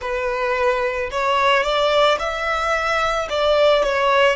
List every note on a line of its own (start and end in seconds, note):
0.00 1.10 B4
1.11 1.63 C#5
1.63 2.18 D5
2.19 3.28 E5
3.29 3.83 D5
3.83 4.35 C#5